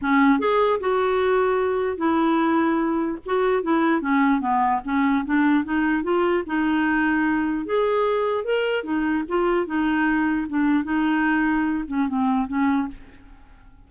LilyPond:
\new Staff \with { instrumentName = "clarinet" } { \time 4/4 \tempo 4 = 149 cis'4 gis'4 fis'2~ | fis'4 e'2. | fis'4 e'4 cis'4 b4 | cis'4 d'4 dis'4 f'4 |
dis'2. gis'4~ | gis'4 ais'4 dis'4 f'4 | dis'2 d'4 dis'4~ | dis'4. cis'8 c'4 cis'4 | }